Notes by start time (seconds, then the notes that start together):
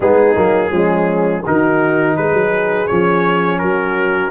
0.00 G#3 B3 D#4 G#4
0.35 F#3 A#3
0.71 F3 G#3 C#4
1.45 D#3 D#4 F#4 A#4
2.16 G#3 G#4 B4
2.32 F#3
2.87 F3 C#4 C#5
3.58 F#3 F#4 A#4